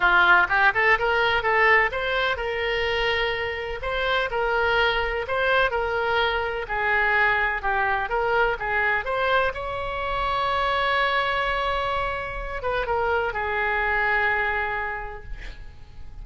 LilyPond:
\new Staff \with { instrumentName = "oboe" } { \time 4/4 \tempo 4 = 126 f'4 g'8 a'8 ais'4 a'4 | c''4 ais'2. | c''4 ais'2 c''4 | ais'2 gis'2 |
g'4 ais'4 gis'4 c''4 | cis''1~ | cis''2~ cis''8 b'8 ais'4 | gis'1 | }